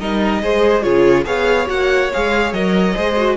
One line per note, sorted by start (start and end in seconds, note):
0.00 0.43 G3
0.00 0.43 D#4
0.00 0.42 A#4
0.00 0.83 D#5
0.43 0.85 G#3
0.43 0.83 G#4
0.43 0.85 C5
0.83 1.26 C#3
0.83 1.25 F4
0.83 1.26 G#4
0.83 1.25 C#5
1.25 1.69 B3
1.25 1.67 G#4
1.25 2.95 C#5
1.25 1.68 F5
1.67 2.12 A#3
1.67 2.10 F#4
1.67 2.12 F#5
2.14 2.53 G#3
2.14 2.55 G#4
2.14 2.53 F5
2.53 2.95 F#3
2.53 2.95 A#4
2.53 3.37 D#5
2.95 3.37 G#3
2.95 3.16 G#4
2.95 3.37 C5
3.17 3.37 F#4